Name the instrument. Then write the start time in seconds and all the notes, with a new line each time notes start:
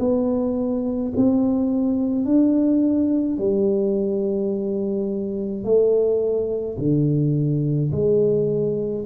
tuba
0.00 B3
1.17 C4
2.25 D4
3.38 G3
5.64 A3
6.78 D3
7.92 G#3